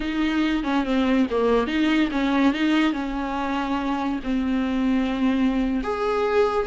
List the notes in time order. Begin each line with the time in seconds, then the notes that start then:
0.00 D#4
0.63 C#4
0.84 C4
1.30 A#3
1.67 D#4
2.11 C#4
2.53 D#4
2.93 C#4
4.23 C4
5.83 G#4